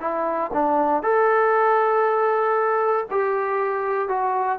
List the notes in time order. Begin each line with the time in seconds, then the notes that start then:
0.00 E4
0.53 D4
1.03 A4
3.11 G4
4.08 F#4